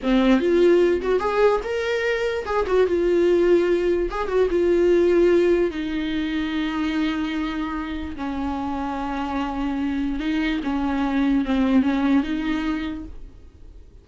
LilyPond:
\new Staff \with { instrumentName = "viola" } { \time 4/4 \tempo 4 = 147 c'4 f'4. fis'8 gis'4 | ais'2 gis'8 fis'8 f'4~ | f'2 gis'8 fis'8 f'4~ | f'2 dis'2~ |
dis'1 | cis'1~ | cis'4 dis'4 cis'2 | c'4 cis'4 dis'2 | }